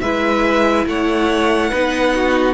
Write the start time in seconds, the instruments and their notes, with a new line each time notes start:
0.00 cello G#3, viola E4, violin B4 E5
0.86 cello A3, violin C#5 F#5
1.70 cello B3, viola D#4, violin B4
2.15 violin F#4